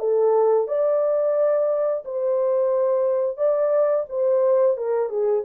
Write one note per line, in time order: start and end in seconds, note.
0.00 0.68 A4
0.68 2.05 D5
2.05 3.37 C5
3.37 4.06 D5
4.10 4.78 C5
4.78 5.10 A#4
5.10 5.44 G#4